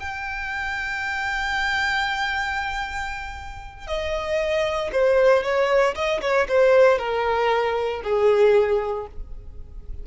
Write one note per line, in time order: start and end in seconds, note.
0.00 3.87 G5
3.87 4.91 D#5
4.93 5.44 C5
5.44 5.95 C#5
5.95 6.21 D#5
6.22 6.47 C#5
6.49 6.99 C5
6.99 8.02 A#4
8.04 9.07 G#4